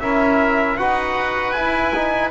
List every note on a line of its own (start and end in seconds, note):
0.00 0.77 C#4
0.00 0.78 E4
0.00 0.78 A#4
0.00 0.77 E5
0.77 1.54 D#4
0.77 1.55 F#4
0.77 2.30 B4
0.77 1.52 F#5
1.52 2.30 E4
1.52 1.93 E4
1.52 2.29 G#5
1.95 2.30 D#4